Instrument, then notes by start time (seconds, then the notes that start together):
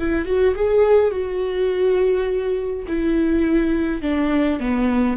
viola
0.00 E4
0.26 F#4
0.55 G#4
1.11 F#4
2.88 E4
4.02 D4
4.60 B3